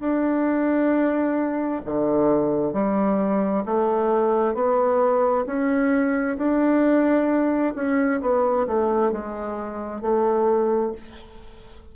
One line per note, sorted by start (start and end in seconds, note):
0.00 1.82 D4
1.86 2.74 D3
2.74 3.64 G3
3.66 4.55 A3
4.55 5.45 B3
5.47 6.38 C#4
6.38 7.74 D4
7.76 8.21 C#4
8.21 8.67 B3
8.68 9.12 A3
9.12 10.02 G#3
10.02 10.93 A3